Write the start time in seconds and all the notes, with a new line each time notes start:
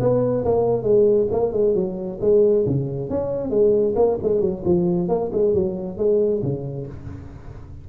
0.00 B3
0.44 A#3
0.83 G#3
1.31 A#3
1.52 G#3
1.75 F#3
2.21 G#3
2.66 C#3
3.09 C#4
3.50 G#3
3.96 A#3
4.22 G#3
4.41 F#3
4.65 F3
5.08 A#3
5.32 G#3
5.54 F#3
5.98 G#3
6.42 C#3